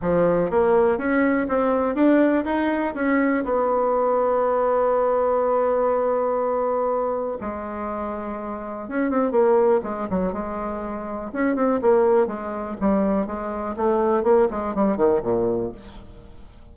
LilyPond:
\new Staff \with { instrumentName = "bassoon" } { \time 4/4 \tempo 4 = 122 f4 ais4 cis'4 c'4 | d'4 dis'4 cis'4 b4~ | b1~ | b2. gis4~ |
gis2 cis'8 c'8 ais4 | gis8 fis8 gis2 cis'8 c'8 | ais4 gis4 g4 gis4 | a4 ais8 gis8 g8 dis8 ais,4 | }